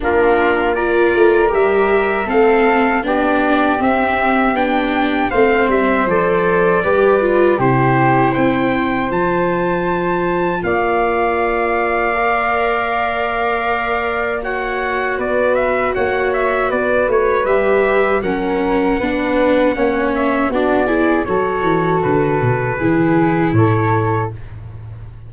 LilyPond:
<<
  \new Staff \with { instrumentName = "trumpet" } { \time 4/4 \tempo 4 = 79 ais'4 d''4 e''4 f''4 | d''4 e''4 g''4 f''8 e''8 | d''2 c''4 g''4 | a''2 f''2~ |
f''2. fis''4 | d''8 e''8 fis''8 e''8 d''8 cis''8 e''4 | fis''2~ fis''8 e''8 d''4 | cis''4 b'2 cis''4 | }
  \new Staff \with { instrumentName = "flute" } { \time 4/4 f'4 ais'2 a'4 | g'2. c''4~ | c''4 b'4 g'4 c''4~ | c''2 d''2~ |
d''2. cis''4 | b'4 cis''4 b'2 | ais'4 b'4 cis''4 fis'8 gis'8 | a'2 gis'4 a'4 | }
  \new Staff \with { instrumentName = "viola" } { \time 4/4 d'4 f'4 g'4 c'4 | d'4 c'4 d'4 c'4 | a'4 g'8 f'8 e'2 | f'1 |
ais'2. fis'4~ | fis'2. g'4 | cis'4 d'4 cis'4 d'8 e'8 | fis'2 e'2 | }
  \new Staff \with { instrumentName = "tuba" } { \time 4/4 ais4. a8 g4 a4 | b4 c'4 b4 a8 g8 | f4 g4 c4 c'4 | f2 ais2~ |
ais1 | b4 ais4 b8 a8 g4 | fis4 b4 ais4 b4 | fis8 e8 d8 b,8 e4 a,4 | }
>>